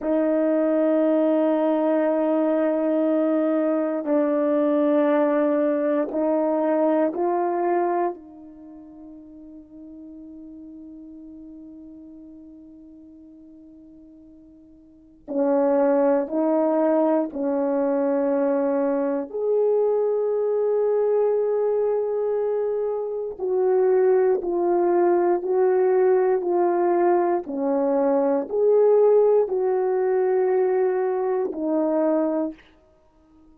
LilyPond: \new Staff \with { instrumentName = "horn" } { \time 4/4 \tempo 4 = 59 dis'1 | d'2 dis'4 f'4 | dis'1~ | dis'2. cis'4 |
dis'4 cis'2 gis'4~ | gis'2. fis'4 | f'4 fis'4 f'4 cis'4 | gis'4 fis'2 dis'4 | }